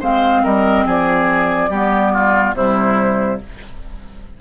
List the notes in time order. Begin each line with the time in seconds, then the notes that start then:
0.00 G#3 C4 C5 F5
0.43 G3 A#4 D#5
0.86 F3 G#4 D5
1.69 G3 B3 G4
2.13 F4
2.54 C3 G3 E4 C5